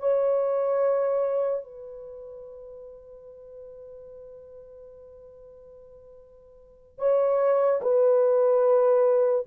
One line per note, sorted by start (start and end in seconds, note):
0.00 1.64 C#5
1.64 6.99 B4
6.99 7.81 C#5
7.82 9.46 B4